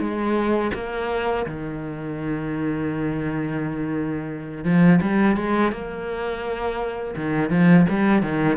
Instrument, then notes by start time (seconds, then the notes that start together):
cello
0.00 G#3
0.74 A#3
1.46 D#3
4.64 F3
5.02 G3
5.36 G#3
5.72 A#3
7.16 D#3
7.50 F3
7.89 G3
8.22 D#3